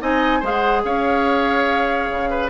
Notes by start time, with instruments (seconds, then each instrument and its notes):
0.00 bassoon C4, clarinet D#4, oboe D#5, flute G#5
0.39 bassoon G#3, clarinet G#4, oboe C5, flute F5
0.51 flute F#5
0.84 bassoon C#4, oboe C#5, flute F5
2.10 bassoon C#3
2.30 oboe B4